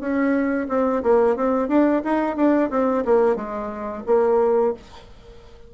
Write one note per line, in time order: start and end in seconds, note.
0.00 0.67 C#4
0.69 1.02 C4
1.03 1.36 A#3
1.36 1.68 C4
1.68 2.02 D4
2.04 2.36 D#4
2.36 2.70 D4
2.70 3.04 C4
3.05 3.36 A#3
3.36 4.03 G#3
4.06 4.73 A#3